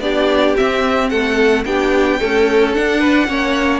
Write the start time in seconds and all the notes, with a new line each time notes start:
0.00 B3 D4 G4 D5
0.56 C4 E5
1.09 A3 A4 F#5
1.64 B3 D4 G4 G5
2.19 A3 C#4 A4
2.74 D4 F#5
2.99 B4
3.27 A#3 C#4 C#5